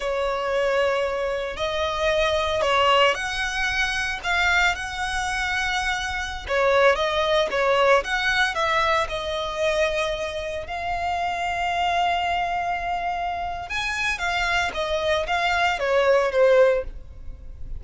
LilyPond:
\new Staff \with { instrumentName = "violin" } { \time 4/4 \tempo 4 = 114 cis''2. dis''4~ | dis''4 cis''4 fis''2 | f''4 fis''2.~ | fis''16 cis''4 dis''4 cis''4 fis''8.~ |
fis''16 e''4 dis''2~ dis''8.~ | dis''16 f''2.~ f''8.~ | f''2 gis''4 f''4 | dis''4 f''4 cis''4 c''4 | }